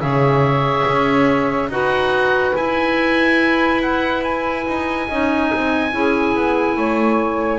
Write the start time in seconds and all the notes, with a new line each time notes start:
0.00 C#3 G#4 C#5 E5
0.87 C#4
1.68 D#4 F#4 B4 F#5
2.55 E4 G#5
3.82 F#5
4.24 G#5
4.67 D#4
5.08 C#4 D#4 D#5
5.53 C4
5.91 C#4 E4 G#4
6.36 B3
6.76 A3 C#5